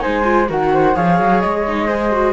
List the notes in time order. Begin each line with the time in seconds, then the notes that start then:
0.00 D#4 C5 G#5
0.07 G#3
0.25 F4
0.49 D#3 F#4 A#4 F#5
0.74 C5
0.96 F3 G#4 C#5 F5
1.20 F#3
1.41 G#3 D#5
1.68 D#4
1.88 G#4 C5
2.12 F#4